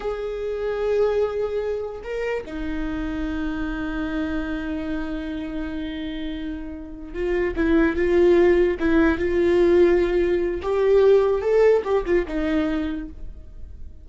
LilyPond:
\new Staff \with { instrumentName = "viola" } { \time 4/4 \tempo 4 = 147 gis'1~ | gis'4 ais'4 dis'2~ | dis'1~ | dis'1~ |
dis'4. f'4 e'4 f'8~ | f'4. e'4 f'4.~ | f'2 g'2 | a'4 g'8 f'8 dis'2 | }